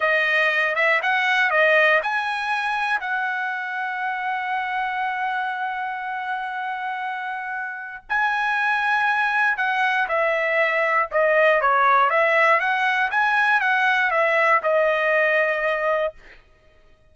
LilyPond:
\new Staff \with { instrumentName = "trumpet" } { \time 4/4 \tempo 4 = 119 dis''4. e''8 fis''4 dis''4 | gis''2 fis''2~ | fis''1~ | fis''1 |
gis''2. fis''4 | e''2 dis''4 cis''4 | e''4 fis''4 gis''4 fis''4 | e''4 dis''2. | }